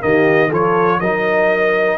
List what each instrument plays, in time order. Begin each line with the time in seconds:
0.00 tuba D#3, trombone A#3, horn G4, trumpet D#5
0.49 tuba F3, trombone F4, horn A4, trumpet C#5
1.00 tuba F#3, trombone D#4, horn A#4, trumpet D#5